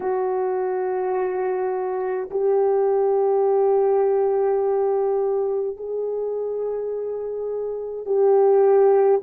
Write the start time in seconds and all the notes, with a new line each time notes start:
0.00 F#4
2.31 G4
5.76 G#4
8.05 G4